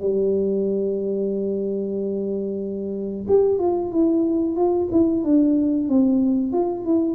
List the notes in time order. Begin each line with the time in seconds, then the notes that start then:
0.00 G3
3.27 G4
3.59 F4
3.92 E4
4.56 F4
4.91 E4
5.24 D4
5.88 C4
6.52 F4
6.84 E4